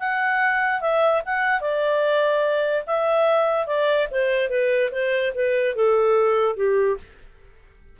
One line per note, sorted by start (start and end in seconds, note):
0.00 0.81 F#5
0.81 1.22 E5
1.26 1.61 F#5
1.61 2.84 D5
2.87 3.67 E5
3.67 4.08 D5
4.12 4.50 C5
4.50 4.91 B4
4.92 5.33 C5
5.35 5.76 B4
5.76 6.57 A4
6.57 6.98 G4